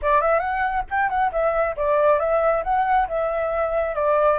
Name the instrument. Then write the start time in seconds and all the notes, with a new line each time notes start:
flute
0.01 D5
0.21 E5
0.39 F#5
0.90 G5
1.09 F#5
1.32 E5
1.76 D5
2.19 E5
2.63 F#5
3.08 E5
3.95 D5